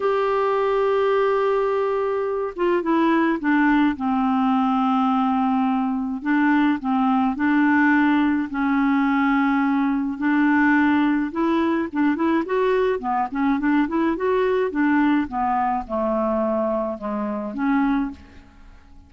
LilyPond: \new Staff \with { instrumentName = "clarinet" } { \time 4/4 \tempo 4 = 106 g'1~ | g'8 f'8 e'4 d'4 c'4~ | c'2. d'4 | c'4 d'2 cis'4~ |
cis'2 d'2 | e'4 d'8 e'8 fis'4 b8 cis'8 | d'8 e'8 fis'4 d'4 b4 | a2 gis4 cis'4 | }